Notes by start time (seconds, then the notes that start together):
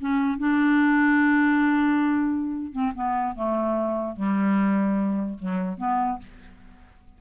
0.00 C#4
0.38 D4
2.72 C4
2.95 B3
3.35 A3
4.16 G3
5.39 F#3
5.78 B3